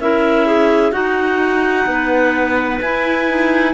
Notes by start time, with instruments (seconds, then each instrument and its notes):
0.00 cello C#4, clarinet E4 A#4 E5
0.46 clarinet G#4
0.92 cello D#4, clarinet D#4 F#4 F#5
1.86 cello B3, clarinet B4
2.81 cello E4, clarinet E4 G#5
3.29 clarinet D#4